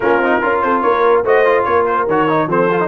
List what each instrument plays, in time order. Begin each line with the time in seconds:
0.00 tuba A#3, trombone C#4, horn F4, trumpet A#4
0.17 tuba C4, trombone D#4
0.41 tuba C#4, trombone F4, horn A#4
0.61 tuba C4, horn A4, trumpet C5
0.81 tuba A#3, horn A#4, trumpet C#5
1.23 tuba A3, trombone F#4, horn C5, trumpet D#5
1.45 trombone F4
1.64 tuba A#3, horn A#4, trumpet C#5
1.86 trumpet C5
2.06 tuba D#3, trombone F#4, trumpet C#5
2.28 trombone D#4
2.47 tuba F3, trombone C4, horn A4, trumpet C5
2.71 trombone F4
2.80 trombone D#4